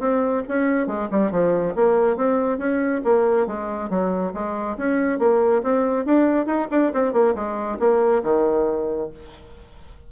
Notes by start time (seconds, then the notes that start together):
0.00 C4
0.48 C#4
0.87 G#3
1.11 G3
1.31 F3
1.75 A#3
2.17 C4
2.58 C#4
3.04 A#3
3.47 G#3
3.89 F#3
4.34 G#3
4.77 C#4
5.19 A#3
5.63 C4
6.05 D4
6.46 D#4
6.71 D4
6.93 C4
7.13 A#3
7.35 G#3
7.79 A#3
8.23 D#3